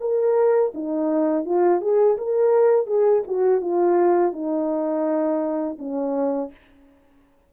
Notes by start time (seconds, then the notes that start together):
0.00 A#4
0.74 D#4
1.46 F4
1.81 G#4
2.18 A#4
2.87 G#4
3.27 F#4
3.61 F4
4.33 D#4
5.78 C#4